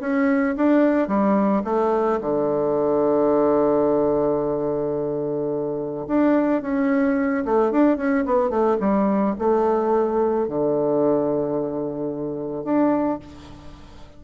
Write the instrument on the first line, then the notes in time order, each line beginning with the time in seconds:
bassoon
0.00 C#4
0.57 D4
1.07 G3
1.64 A3
2.21 D3
6.07 D4
6.62 C#4
7.45 A3
7.71 D4
7.97 C#4
8.25 B3
8.49 A3
8.80 G3
9.38 A3
10.47 D3
12.64 D4